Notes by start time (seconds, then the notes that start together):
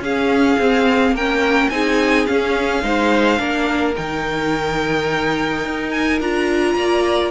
0.00 C#4 G#4 F5
0.59 C4
1.12 A#3 A#4 G5
1.18 C#4
1.70 C4 D#4 G#4 G#5
2.26 C#4 F5
2.82 G#3 D#4 C5
3.38 A#3 D4 A#4
3.96 D#3 D#4 G5
5.65 D#4
5.91 G#5
6.20 D4 F4 A#5
6.75 A#3 D5